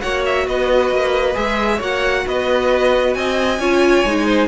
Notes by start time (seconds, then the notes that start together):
0.00 A#3 F#4 C#5 F#5
0.25 E5
0.46 B3 B4 D#5
0.90 A#3
1.34 G#3 G#4 E5
1.76 A#3 F#4 C#5
1.82 F#5
2.26 B3 B4 D#5
3.14 C4 D#5 G#5
3.59 C#4 F4 C#5
4.04 G#3 D#4
4.25 C5